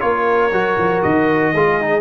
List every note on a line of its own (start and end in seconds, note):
0.00 0.52 A#3
0.00 0.50 F4
0.00 1.54 A#4
0.00 1.02 C#5
0.52 0.77 F#3
0.52 1.54 F#4
0.78 1.03 F3
1.02 1.54 D#3
1.02 2.00 D#5
1.54 2.00 G#3
1.54 1.81 F4
1.54 2.00 G#4
1.81 2.00 D#4